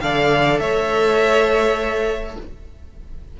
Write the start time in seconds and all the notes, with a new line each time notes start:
0.00 D3 A4 D5 F5
0.59 A3 C#5 E5